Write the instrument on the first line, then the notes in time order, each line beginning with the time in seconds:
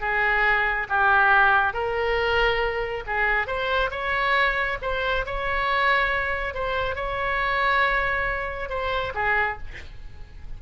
oboe
0.00 G#4
0.89 G4
1.73 A#4
3.06 G#4
3.46 C5
3.90 C#5
4.81 C5
5.25 C#5
6.54 C5
6.95 C#5
8.69 C5
9.14 G#4